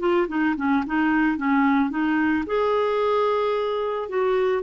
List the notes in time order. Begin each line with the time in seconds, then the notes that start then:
0.00 F4
0.28 D#4
0.57 C#4
0.87 D#4
1.37 C#4
1.90 D#4
2.46 G#4
4.09 F#4